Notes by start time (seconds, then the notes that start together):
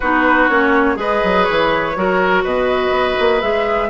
0.00 B3 D#4 F#4 B4
0.48 A#3 C#4 C#5
0.95 G#3 G#4 B4 D#5
1.23 F#3
1.44 E3 C#5
1.96 F#3 F#4 A#4
2.43 B2 B4 D#5
2.90 B3
3.19 A#3
3.41 G#3 G#4 E5